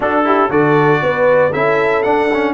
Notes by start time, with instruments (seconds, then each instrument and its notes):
0.00 trombone D4, tuba D4, horn F#4, trumpet A4
0.24 trombone E4, horn G4
0.49 tuba D3, trombone F#4, horn A4, trumpet D5
1.02 tuba B3, horn B4
1.52 tuba C#4, trombone E4, horn A4, trumpet E5
2.02 trombone D4, tuba D4, trumpet F#5
2.33 trombone C#4